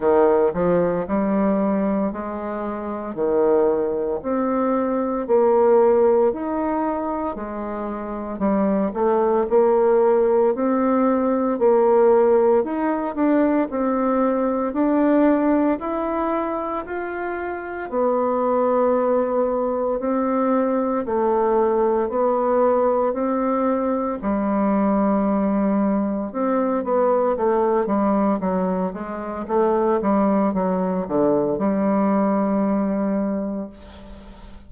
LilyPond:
\new Staff \with { instrumentName = "bassoon" } { \time 4/4 \tempo 4 = 57 dis8 f8 g4 gis4 dis4 | c'4 ais4 dis'4 gis4 | g8 a8 ais4 c'4 ais4 | dis'8 d'8 c'4 d'4 e'4 |
f'4 b2 c'4 | a4 b4 c'4 g4~ | g4 c'8 b8 a8 g8 fis8 gis8 | a8 g8 fis8 d8 g2 | }